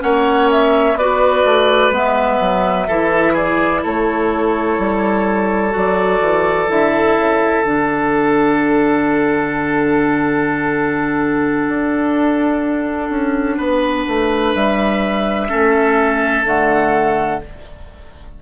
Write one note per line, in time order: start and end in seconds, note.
0.00 0.95 A#3
0.00 0.95 C#4
0.00 0.99 C#5
0.00 0.50 F#5
0.52 0.98 E5
0.95 1.43 B3
0.95 1.93 F#4
0.95 2.88 B4
0.95 1.93 D5
1.45 1.91 A3
1.91 2.38 G#3
1.91 2.88 B3
1.91 3.37 E5
2.40 2.88 F#3
2.88 3.83 E3
2.88 5.70 E4
2.88 3.34 A4
3.34 3.81 G#4
3.34 3.84 D5
3.84 4.79 A3
3.84 13.57 A4
3.84 5.76 C#5
4.79 5.74 G3
5.70 6.21 F#3
5.70 6.65 F#4
5.70 6.70 D5
6.21 6.69 E3
6.69 7.17 D3
6.69 7.64 E4
6.69 7.65 E5
7.17 7.64 C#3
7.64 11.68 D3
7.64 15.50 D4
7.64 14.55 F#5
11.68 13.10 D4
13.10 13.58 C#4
13.57 14.06 B3
13.57 15.48 B4
14.08 14.55 A3
14.55 15.50 G3
14.55 16.45 E5
15.50 16.45 A3
15.50 16.45 C#4
15.50 17.40 A4
16.45 17.40 D3
16.45 17.40 A3
16.45 17.42 F#5